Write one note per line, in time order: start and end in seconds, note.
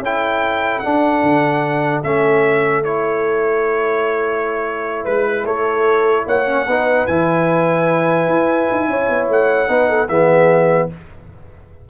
0.00 0.81 C#4
0.00 0.84 E4
0.00 5.04 A4
0.00 0.80 G5
0.80 2.04 D4
0.80 1.23 D4
0.80 2.01 F#5
1.23 2.03 D3
2.04 5.06 A3
2.04 2.85 C#4
2.04 2.84 E5
2.85 6.46 E4
2.85 5.06 C#5
5.04 5.45 G#3
5.04 5.45 B4
5.04 5.46 B4
5.45 6.26 A3
5.45 6.26 A4
5.45 6.27 C#5
6.27 6.67 A#3
6.27 6.67 C#5
6.27 7.07 F#5
6.46 6.66 C#4
6.67 7.08 B3
6.67 7.08 D#4
6.67 8.89 B4
7.07 8.28 E3
7.07 9.68 E4
7.07 9.28 G#5
8.28 8.68 E4
8.72 8.88 D#4
8.88 9.09 C#4
8.88 9.70 C#5
9.10 9.29 B3
9.29 9.69 A3
9.29 10.09 F#5
9.68 10.09 B3
9.68 10.08 D#4
9.68 9.89 B4
9.89 10.09 A4
10.09 10.90 E3
10.09 10.90 B3
10.09 10.89 G#4
10.09 10.89 E5